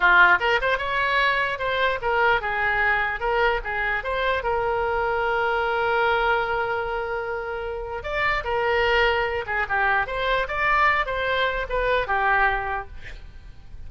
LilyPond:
\new Staff \with { instrumentName = "oboe" } { \time 4/4 \tempo 4 = 149 f'4 ais'8 c''8 cis''2 | c''4 ais'4 gis'2 | ais'4 gis'4 c''4 ais'4~ | ais'1~ |
ais'1 | d''4 ais'2~ ais'8 gis'8 | g'4 c''4 d''4. c''8~ | c''4 b'4 g'2 | }